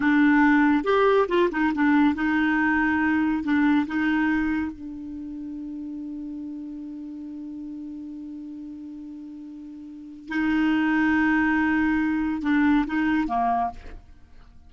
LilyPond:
\new Staff \with { instrumentName = "clarinet" } { \time 4/4 \tempo 4 = 140 d'2 g'4 f'8 dis'8 | d'4 dis'2. | d'4 dis'2 d'4~ | d'1~ |
d'1~ | d'1 | dis'1~ | dis'4 d'4 dis'4 ais4 | }